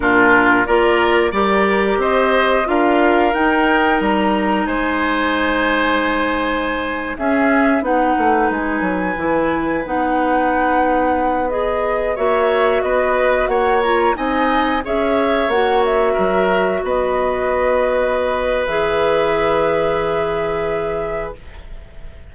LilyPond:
<<
  \new Staff \with { instrumentName = "flute" } { \time 4/4 \tempo 4 = 90 ais'4 d''4 ais'4 dis''4 | f''4 g''4 ais''4 gis''4~ | gis''2~ gis''8. e''4 fis''16~ | fis''8. gis''2 fis''4~ fis''16~ |
fis''4~ fis''16 dis''4 e''4 dis''8.~ | dis''16 fis''8 ais''8 gis''4 e''4 fis''8 e''16~ | e''4~ e''16 dis''2~ dis''8. | e''1 | }
  \new Staff \with { instrumentName = "oboe" } { \time 4/4 f'4 ais'4 d''4 c''4 | ais'2. c''4~ | c''2~ c''8. gis'4 b'16~ | b'1~ |
b'2~ b'16 cis''4 b'8.~ | b'16 cis''4 dis''4 cis''4.~ cis''16~ | cis''16 ais'4 b'2~ b'8.~ | b'1 | }
  \new Staff \with { instrumentName = "clarinet" } { \time 4/4 d'4 f'4 g'2 | f'4 dis'2.~ | dis'2~ dis'8. cis'4 dis'16~ | dis'4.~ dis'16 e'4 dis'4~ dis'16~ |
dis'4~ dis'16 gis'4 fis'4.~ fis'16~ | fis'8. f'8 dis'4 gis'4 fis'8.~ | fis'1 | gis'1 | }
  \new Staff \with { instrumentName = "bassoon" } { \time 4/4 ais,4 ais4 g4 c'4 | d'4 dis'4 g4 gis4~ | gis2~ gis8. cis'4 b16~ | b16 a8 gis8 fis8 e4 b4~ b16~ |
b2~ b16 ais4 b8.~ | b16 ais4 c'4 cis'4 ais8.~ | ais16 fis4 b2~ b8. | e1 | }
>>